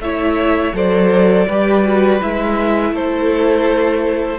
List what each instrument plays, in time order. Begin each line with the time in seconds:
0.00 cello A3, viola E4, violin C#5 E5
0.73 cello F#3, viola A4, violin C5 D5
1.47 cello G3, viola G4, violin B4
1.84 viola F#4
2.21 cello G#3, viola E4, violin E5
2.92 cello A3, violin A4 C5